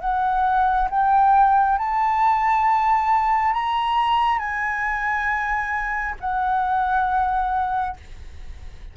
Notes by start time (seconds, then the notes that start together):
0.00 F#5
0.90 G5
1.78 A5
3.53 A#5
4.38 G#5
6.20 F#5